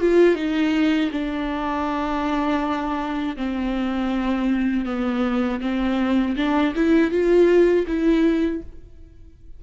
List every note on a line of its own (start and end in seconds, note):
0.00 0.35 F4
0.35 1.10 D#4
1.11 3.36 D4
3.36 4.85 C4
4.85 5.60 B3
5.60 6.35 C4
6.36 6.74 D4
6.75 7.11 E4
7.11 7.86 F4
7.86 8.61 E4